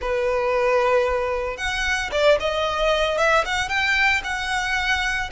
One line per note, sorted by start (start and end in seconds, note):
0.01 1.57 B4
1.57 2.10 F#5
2.11 2.38 D5
2.39 3.17 D#5
3.17 3.44 E5
3.45 3.68 F#5
3.68 4.21 G5
4.23 5.30 F#5